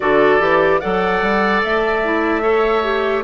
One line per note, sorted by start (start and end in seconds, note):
0.00 0.40 D3
0.00 0.39 F#4
0.00 0.81 A4
0.00 0.79 D5
0.39 0.80 E3
0.39 0.80 G4
0.79 1.21 F#3
0.79 2.03 A4
0.79 2.42 D5
0.79 1.60 F#5
1.21 1.62 G3
1.63 3.23 A3
1.63 3.23 E5
2.03 2.41 E4
2.41 2.81 A4
2.41 3.23 C#5
2.82 3.23 G4